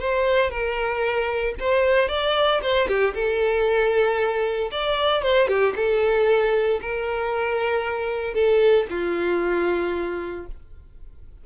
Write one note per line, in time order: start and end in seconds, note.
0.00 0.51 C5
0.51 1.55 A#4
1.60 2.09 C5
2.09 2.61 D5
2.63 2.88 C5
2.88 3.14 G4
3.14 4.71 A4
4.72 5.23 D5
5.23 5.48 C5
5.48 5.74 G4
5.76 6.80 A4
6.81 8.34 A#4
8.34 8.86 A4
8.90 10.47 F4